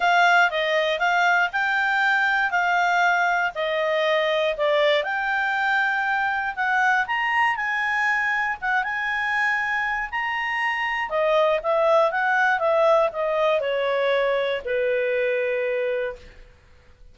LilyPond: \new Staff \with { instrumentName = "clarinet" } { \time 4/4 \tempo 4 = 119 f''4 dis''4 f''4 g''4~ | g''4 f''2 dis''4~ | dis''4 d''4 g''2~ | g''4 fis''4 ais''4 gis''4~ |
gis''4 fis''8 gis''2~ gis''8 | ais''2 dis''4 e''4 | fis''4 e''4 dis''4 cis''4~ | cis''4 b'2. | }